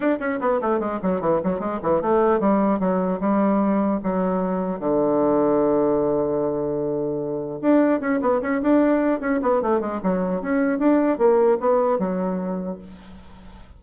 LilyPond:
\new Staff \with { instrumentName = "bassoon" } { \time 4/4 \tempo 4 = 150 d'8 cis'8 b8 a8 gis8 fis8 e8 fis8 | gis8 e8 a4 g4 fis4 | g2 fis2 | d1~ |
d2. d'4 | cis'8 b8 cis'8 d'4. cis'8 b8 | a8 gis8 fis4 cis'4 d'4 | ais4 b4 fis2 | }